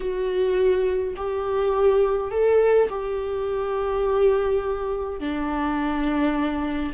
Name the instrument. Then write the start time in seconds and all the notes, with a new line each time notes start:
viola
0.00 F#4
1.16 G4
2.31 A4
2.89 G4
5.19 D4